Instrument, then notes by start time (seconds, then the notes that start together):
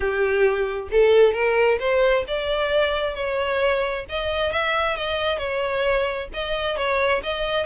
violin
0.00 G4
0.91 A4
1.33 A#4
1.79 C5
2.27 D5
3.15 C#5
4.09 D#5
4.52 E5
4.96 D#5
5.38 C#5
6.33 D#5
6.76 C#5
7.23 D#5